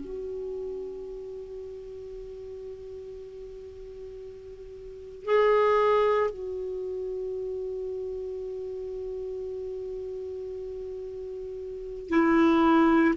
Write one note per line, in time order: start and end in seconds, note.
0.00 5.24 F#4
5.24 6.30 G#4
6.30 12.09 F#4
12.09 13.14 E4